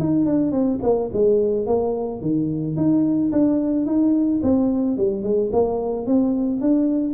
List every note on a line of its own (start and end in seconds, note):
0.00 0.26 D#4
0.26 0.52 D4
0.52 0.80 C4
0.83 1.11 A#3
1.14 1.67 G#3
1.67 2.22 A#3
2.22 2.77 D#3
2.77 3.32 D#4
3.33 3.86 D4
3.86 4.41 D#4
4.43 4.98 C4
4.98 5.24 G3
5.24 5.51 G#3
5.53 6.07 A#3
6.07 6.61 C4
6.61 7.14 D4